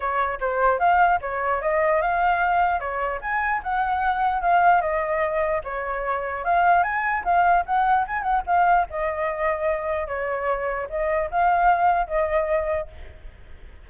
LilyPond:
\new Staff \with { instrumentName = "flute" } { \time 4/4 \tempo 4 = 149 cis''4 c''4 f''4 cis''4 | dis''4 f''2 cis''4 | gis''4 fis''2 f''4 | dis''2 cis''2 |
f''4 gis''4 f''4 fis''4 | gis''8 fis''8 f''4 dis''2~ | dis''4 cis''2 dis''4 | f''2 dis''2 | }